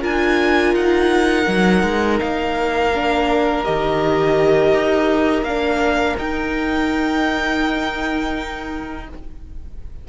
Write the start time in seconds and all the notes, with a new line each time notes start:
0.00 D4 F4 A#4 G#5
0.74 D#4 F#5
1.47 F#3 D#4
1.83 G#3
2.20 A#3 F5
2.94 D4
3.64 D#3 G4 D#5
4.73 D#4
5.43 A#3 D4 F5
6.18 D#4 G5